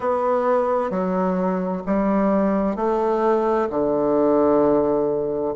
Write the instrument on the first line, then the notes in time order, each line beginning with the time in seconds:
bassoon
0.00 B3
0.90 F#3
1.86 G3
2.76 A3
3.69 D3